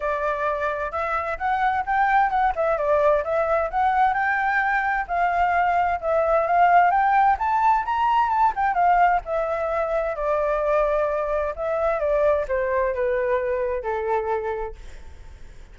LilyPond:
\new Staff \with { instrumentName = "flute" } { \time 4/4 \tempo 4 = 130 d''2 e''4 fis''4 | g''4 fis''8 e''8 d''4 e''4 | fis''4 g''2 f''4~ | f''4 e''4 f''4 g''4 |
a''4 ais''4 a''8 g''8 f''4 | e''2 d''2~ | d''4 e''4 d''4 c''4 | b'2 a'2 | }